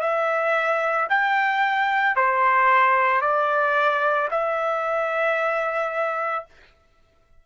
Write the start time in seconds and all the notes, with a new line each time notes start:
0.00 E5
1.09 G5
2.16 C5
3.21 D5
4.31 E5